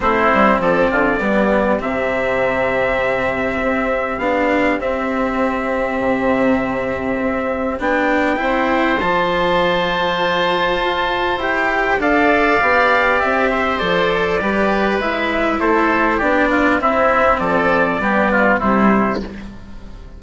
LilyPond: <<
  \new Staff \with { instrumentName = "trumpet" } { \time 4/4 \tempo 4 = 100 c''4 d''2 e''4~ | e''2. f''4 | e''1~ | e''4 g''2 a''4~ |
a''2. g''4 | f''2 e''4 d''4~ | d''4 e''4 c''4 d''4 | e''4 d''2 c''4 | }
  \new Staff \with { instrumentName = "oboe" } { \time 4/4 e'4 a'8 f'8 g'2~ | g'1~ | g'1~ | g'2 c''2~ |
c''1 | d''2~ d''8 c''4. | b'2 a'4 g'8 f'8 | e'4 a'4 g'8 f'8 e'4 | }
  \new Staff \with { instrumentName = "cello" } { \time 4/4 c'2 b4 c'4~ | c'2. d'4 | c'1~ | c'4 d'4 e'4 f'4~ |
f'2. g'4 | a'4 g'2 a'4 | g'4 e'2 d'4 | c'2 b4 g4 | }
  \new Staff \with { instrumentName = "bassoon" } { \time 4/4 a8 g8 f8 d8 g4 c4~ | c2 c'4 b4 | c'2 c2 | c'4 b4 c'4 f4~ |
f2 f'4 e'4 | d'4 b4 c'4 f4 | g4 gis4 a4 b4 | c'4 f4 g4 c4 | }
>>